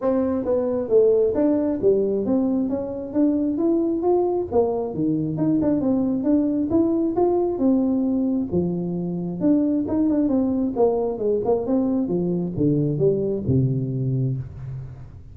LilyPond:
\new Staff \with { instrumentName = "tuba" } { \time 4/4 \tempo 4 = 134 c'4 b4 a4 d'4 | g4 c'4 cis'4 d'4 | e'4 f'4 ais4 dis4 | dis'8 d'8 c'4 d'4 e'4 |
f'4 c'2 f4~ | f4 d'4 dis'8 d'8 c'4 | ais4 gis8 ais8 c'4 f4 | d4 g4 c2 | }